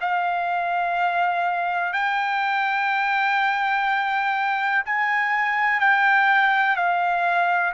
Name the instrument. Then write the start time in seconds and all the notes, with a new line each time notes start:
trumpet
0.00 F5
1.93 G5
4.85 G#5
5.80 G5
6.76 F5